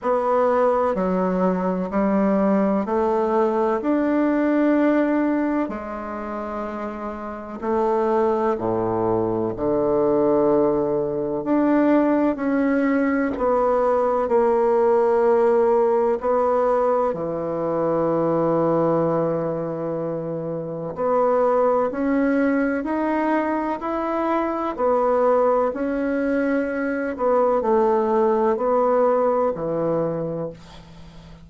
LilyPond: \new Staff \with { instrumentName = "bassoon" } { \time 4/4 \tempo 4 = 63 b4 fis4 g4 a4 | d'2 gis2 | a4 a,4 d2 | d'4 cis'4 b4 ais4~ |
ais4 b4 e2~ | e2 b4 cis'4 | dis'4 e'4 b4 cis'4~ | cis'8 b8 a4 b4 e4 | }